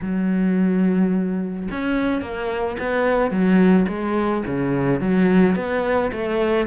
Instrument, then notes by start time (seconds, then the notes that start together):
cello
0.01 F#3
1.71 C#4
2.21 A#3
2.79 B3
3.30 F#3
3.88 G#3
4.45 C#3
5.00 F#3
5.55 B3
6.12 A3